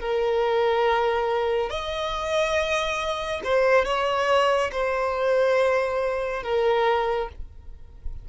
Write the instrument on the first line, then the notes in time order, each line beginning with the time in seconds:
violin
0.00 A#4
1.69 D#5
3.44 C5
3.85 C#5
4.72 C5
6.43 A#4